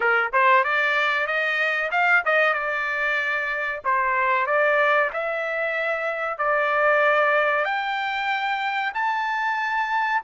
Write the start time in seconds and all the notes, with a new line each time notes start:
0.00 A#4
0.32 C5
0.64 D5
1.26 D#5
1.91 F5
2.25 D#5
2.53 D5
3.84 C5
4.46 D5
5.13 E5
6.37 D5
7.65 G5
8.94 A5